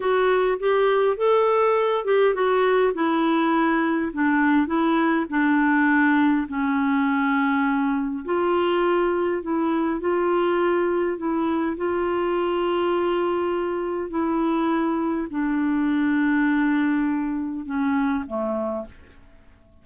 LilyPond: \new Staff \with { instrumentName = "clarinet" } { \time 4/4 \tempo 4 = 102 fis'4 g'4 a'4. g'8 | fis'4 e'2 d'4 | e'4 d'2 cis'4~ | cis'2 f'2 |
e'4 f'2 e'4 | f'1 | e'2 d'2~ | d'2 cis'4 a4 | }